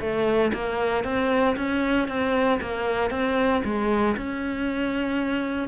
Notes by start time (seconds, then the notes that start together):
0.00 A3
0.53 A#3
1.04 C4
1.56 C#4
2.08 C4
2.61 A#3
3.10 C4
3.64 G#3
4.17 C#4